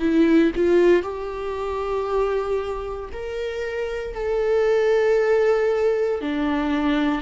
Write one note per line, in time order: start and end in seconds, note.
0.00 0.52 E4
0.55 1.03 F4
1.03 3.10 G4
3.13 4.14 A#4
4.14 6.21 A4
6.21 7.22 D4